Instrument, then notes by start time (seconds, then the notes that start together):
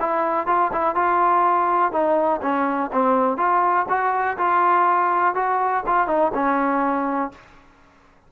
trombone
0.00 E4
0.47 F4
0.73 E4
0.95 F4
1.92 D#4
2.42 C#4
2.92 C4
3.37 F4
3.89 F#4
4.38 F4
5.35 F#4
5.86 F4
6.07 D#4
6.34 C#4